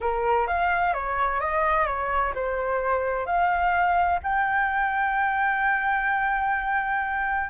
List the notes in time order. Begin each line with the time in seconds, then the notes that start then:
0.01 A#4
0.47 F5
0.93 C#5
1.40 D#5
1.86 C#5
2.34 C5
3.26 F5
4.23 G5